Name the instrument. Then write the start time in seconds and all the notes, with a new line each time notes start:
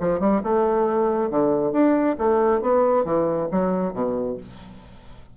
bassoon
0.00 F3
0.20 G3
0.43 A3
1.30 D3
1.72 D4
2.18 A3
2.61 B3
3.05 E3
3.51 F#3
3.93 B2